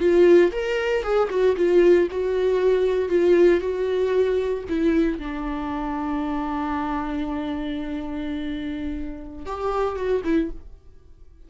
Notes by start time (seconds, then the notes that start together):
0.00 F4
0.52 A#4
1.03 G#4
1.30 F#4
1.57 F4
2.11 F#4
3.09 F4
3.61 F#4
4.69 E4
5.19 D4
9.46 G4
9.96 F#4
10.25 E4